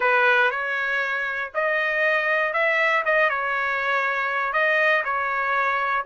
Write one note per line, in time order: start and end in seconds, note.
0.00 0.50 B4
0.50 1.51 C#5
1.54 2.53 D#5
2.53 3.03 E5
3.05 3.29 D#5
3.29 4.52 C#5
4.52 5.03 D#5
5.04 6.05 C#5